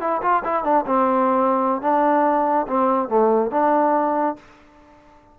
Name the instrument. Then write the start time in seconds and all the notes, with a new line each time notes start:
trombone
0.00 E4
0.22 F4
0.44 E4
0.63 D4
0.86 C4
1.81 D4
2.67 C4
3.09 A3
3.51 D4